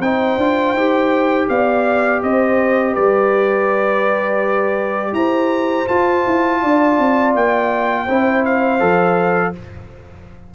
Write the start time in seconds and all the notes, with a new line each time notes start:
0.00 C4 D#4 C5 G5
0.38 D4 F4
0.73 D#4 G4
1.49 B3 D5 F5
2.23 C4 C5 D#5
2.93 G3 B4 D5
5.13 E4 C5 A#5
5.88 F4 A5
6.27 E4
6.62 D4 D5
6.99 C4
7.35 A#3 G5
8.05 C4 E4 C5
8.45 F5
8.80 F3 A4